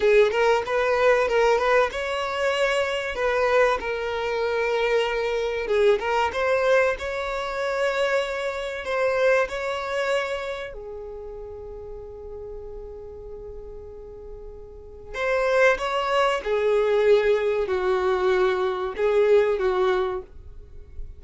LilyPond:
\new Staff \with { instrumentName = "violin" } { \time 4/4 \tempo 4 = 95 gis'8 ais'8 b'4 ais'8 b'8 cis''4~ | cis''4 b'4 ais'2~ | ais'4 gis'8 ais'8 c''4 cis''4~ | cis''2 c''4 cis''4~ |
cis''4 gis'2.~ | gis'1 | c''4 cis''4 gis'2 | fis'2 gis'4 fis'4 | }